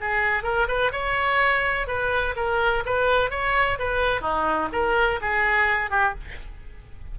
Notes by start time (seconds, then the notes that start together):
0.00 G#4
0.43 A#4
0.68 B4
0.91 C#5
1.87 B4
2.35 A#4
2.85 B4
3.30 C#5
3.79 B4
4.21 D#4
4.72 A#4
5.21 G#4
5.90 G4